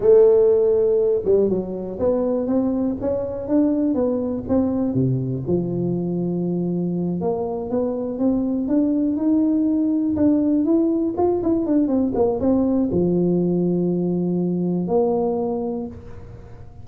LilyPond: \new Staff \with { instrumentName = "tuba" } { \time 4/4 \tempo 4 = 121 a2~ a8 g8 fis4 | b4 c'4 cis'4 d'4 | b4 c'4 c4 f4~ | f2~ f8 ais4 b8~ |
b8 c'4 d'4 dis'4.~ | dis'8 d'4 e'4 f'8 e'8 d'8 | c'8 ais8 c'4 f2~ | f2 ais2 | }